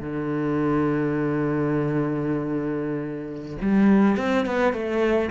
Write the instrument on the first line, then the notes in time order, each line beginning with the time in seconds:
cello
0.00 D3
3.61 G3
4.17 C4
4.46 B3
4.73 A3